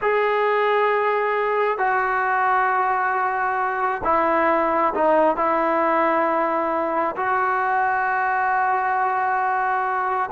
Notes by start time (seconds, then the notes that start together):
0.01 G#4
1.77 F#4
4.04 E4
4.94 D#4
5.36 E4
7.16 F#4